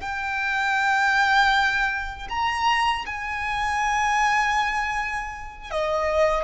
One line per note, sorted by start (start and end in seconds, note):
0.00 2.28 G5
2.29 3.05 A#5
3.06 5.71 G#5
5.71 6.44 D#5